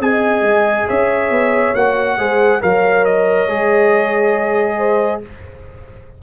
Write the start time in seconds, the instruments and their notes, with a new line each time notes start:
0.00 tuba C4, trombone G#4, horn D#5, trumpet G#5
0.41 tuba G#3
0.87 tuba C#4, horn C#5, trumpet E5
1.30 tuba B3
1.74 tuba A#3, trombone F#4, trumpet F#5
2.18 tuba G#3, trombone G#4, horn C5
2.61 tuba F#3, trombone A#4, horn C#5, trumpet F5
3.05 trumpet D#5
3.48 tuba G#3, trombone G#4
4.78 horn C5